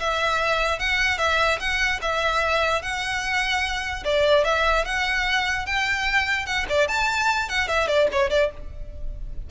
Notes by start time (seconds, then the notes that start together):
0.00 E5
0.80 F#5
1.19 E5
1.60 F#5
2.02 E5
2.83 F#5
4.05 D5
4.45 E5
4.85 F#5
5.67 G5
6.46 F#5
6.70 D5
6.89 A5
7.49 F#5
7.69 E5
7.88 D5
8.13 C#5
8.31 D5